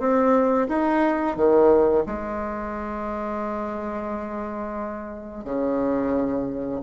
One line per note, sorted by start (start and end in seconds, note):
0.00 0.68 C4
0.69 1.37 D#4
1.37 2.05 D#3
2.07 5.45 G#3
5.45 6.81 C#3